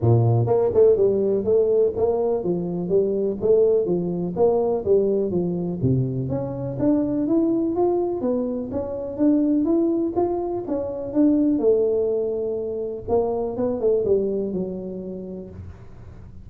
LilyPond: \new Staff \with { instrumentName = "tuba" } { \time 4/4 \tempo 4 = 124 ais,4 ais8 a8 g4 a4 | ais4 f4 g4 a4 | f4 ais4 g4 f4 | c4 cis'4 d'4 e'4 |
f'4 b4 cis'4 d'4 | e'4 f'4 cis'4 d'4 | a2. ais4 | b8 a8 g4 fis2 | }